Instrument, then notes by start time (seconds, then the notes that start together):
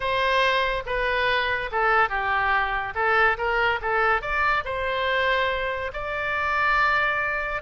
oboe
0.00 C5
0.86 B4
1.71 A4
2.09 G4
2.95 A4
3.37 A#4
3.81 A4
4.21 D5
4.65 C5
5.93 D5